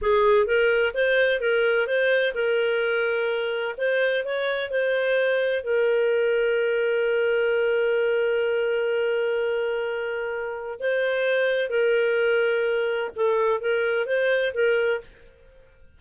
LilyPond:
\new Staff \with { instrumentName = "clarinet" } { \time 4/4 \tempo 4 = 128 gis'4 ais'4 c''4 ais'4 | c''4 ais'2. | c''4 cis''4 c''2 | ais'1~ |
ais'1~ | ais'2. c''4~ | c''4 ais'2. | a'4 ais'4 c''4 ais'4 | }